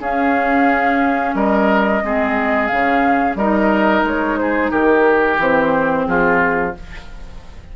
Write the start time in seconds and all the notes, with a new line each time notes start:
0.00 C#4 G#4 F5
1.35 G3 A#4 D#5
2.04 G#3 C4 G#4
2.67 C#3 C#4 F5
3.35 G3 D#4 A#4 D#5
4.04 G#3 C#5
4.38 G#4 C5
4.71 D#3 G4 A#4
5.38 E3 C4 C5
6.07 F3 F4 G#4